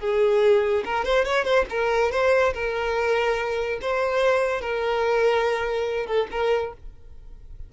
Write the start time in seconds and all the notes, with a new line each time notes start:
0.00 G#4
0.85 A#4
1.05 C5
1.25 C#5
1.45 C5
1.70 A#4
2.12 C5
2.54 A#4
3.82 C5
4.61 A#4
6.07 A4
6.31 A#4